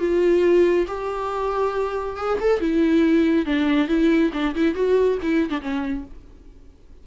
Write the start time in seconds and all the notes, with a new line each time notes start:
0.00 F4
0.88 G4
2.17 G#4
2.41 A4
2.61 E4
3.46 D4
3.88 E4
4.34 D4
4.55 E4
4.75 F#4
5.23 E4
5.50 D4
5.62 C#4